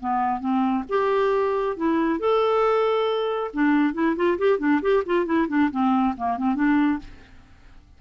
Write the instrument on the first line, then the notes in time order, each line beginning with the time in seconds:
clarinet
0.00 B3
0.40 C4
0.89 G4
1.76 E4
2.19 A4
3.54 D4
3.94 E4
4.16 F4
4.38 G4
4.59 D4
4.82 G4
5.06 F4
5.26 E4
5.48 D4
5.71 C4
6.17 A#3
6.37 C4
6.55 D4